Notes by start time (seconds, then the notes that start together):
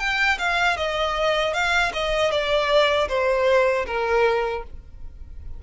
0.00 G5
0.39 F5
0.77 D#5
1.54 F5
1.94 D#5
2.31 D5
3.09 C5
3.87 A#4